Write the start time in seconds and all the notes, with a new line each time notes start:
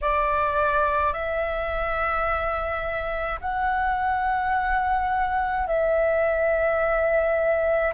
0.01 D5
1.13 E5
3.40 F#5
5.67 E5